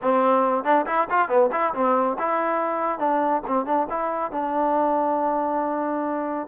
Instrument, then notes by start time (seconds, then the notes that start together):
trombone
0.02 C4
0.64 D4
0.86 E4
1.09 F4
1.28 B3
1.51 E4
1.74 C4
2.18 E4
2.98 D4
3.47 C4
3.65 D4
3.89 E4
4.31 D4